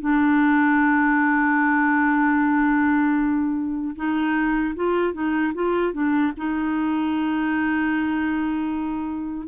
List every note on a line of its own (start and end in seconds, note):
0.00 3.95 D4
3.96 4.75 D#4
4.75 5.13 F4
5.13 5.53 D#4
5.54 5.93 F4
5.93 6.33 D4
6.37 9.47 D#4